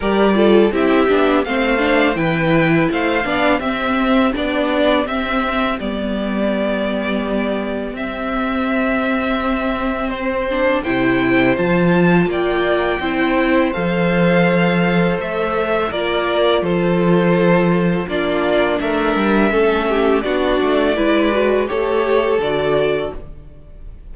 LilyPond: <<
  \new Staff \with { instrumentName = "violin" } { \time 4/4 \tempo 4 = 83 d''4 e''4 f''4 g''4 | f''4 e''4 d''4 e''4 | d''2. e''4~ | e''2 c''4 g''4 |
a''4 g''2 f''4~ | f''4 e''4 d''4 c''4~ | c''4 d''4 e''2 | d''2 cis''4 d''4 | }
  \new Staff \with { instrumentName = "violin" } { \time 4/4 ais'8 a'8 g'4 c''4 b'4 | c''8 d''8 g'2.~ | g'1~ | g'2. c''4~ |
c''4 d''4 c''2~ | c''2 ais'4 a'4~ | a'4 f'4 ais'4 a'8 g'8 | fis'4 b'4 a'2 | }
  \new Staff \with { instrumentName = "viola" } { \time 4/4 g'8 f'8 e'8 d'8 c'8 d'8 e'4~ | e'8 d'8 c'4 d'4 c'4 | b2. c'4~ | c'2~ c'8 d'8 e'4 |
f'2 e'4 a'4~ | a'2 f'2~ | f'4 d'2 cis'4 | d'4 e'8 fis'8 g'4 fis'4 | }
  \new Staff \with { instrumentName = "cello" } { \time 4/4 g4 c'8 b8 a4 e4 | a8 b8 c'4 b4 c'4 | g2. c'4~ | c'2. c4 |
f4 ais4 c'4 f4~ | f4 a4 ais4 f4~ | f4 ais4 a8 g8 a4 | b8 a8 gis4 a4 d4 | }
>>